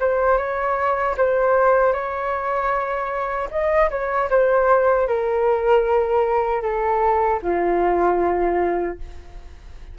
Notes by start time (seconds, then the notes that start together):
0.00 C5
0.38 C#5
1.18 C5
1.93 C#5
3.51 D#5
3.91 C#5
4.30 C5
5.08 A#4
6.62 A4
7.43 F4